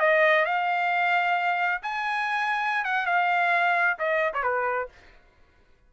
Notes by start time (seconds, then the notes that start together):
0.00 D#5
0.46 F5
1.83 G#5
2.85 F#5
3.06 F5
3.99 D#5
4.34 C#5
4.44 B4